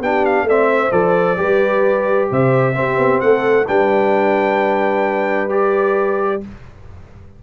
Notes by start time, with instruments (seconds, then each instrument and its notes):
0.00 tuba B3, trombone D4, horn G4, trumpet G5
0.26 trumpet F5
0.44 tuba A3, horn D5, trumpet E5
0.50 trombone C4
0.71 horn C5
0.91 tuba F3, trombone A4, trumpet D5
1.37 tuba G3, trombone G4, horn B4
2.30 tuba C3, horn C5, trumpet E5
2.74 trombone C4, tuba C4, horn G4
2.97 tuba B3
3.21 tuba A3, horn A4, trumpet F#5
3.66 tuba G3, trombone D4, horn B4, trumpet G5
5.50 trombone G4, trumpet D5